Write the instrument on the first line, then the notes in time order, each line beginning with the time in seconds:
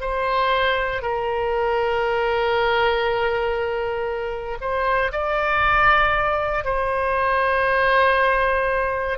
oboe
0.00 C5
1.02 A#4
4.60 C5
5.12 D5
6.64 C5